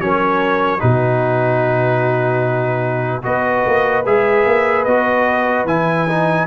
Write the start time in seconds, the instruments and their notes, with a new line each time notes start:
0.00 tuba F#3, trombone C#4, horn A#4, trumpet C#5
0.79 tuba B2, trombone D#4, horn F#4, trumpet B4
3.22 tuba B3, trombone F#4, horn B4, trumpet D#5
3.66 tuba A#3
4.06 tuba G#3, trombone G#4, trumpet E5
4.46 tuba A#3
4.84 tuba B3, trombone F#4, trumpet D#5
5.65 tuba E3, trombone E4, trumpet G#5
6.08 trombone D#4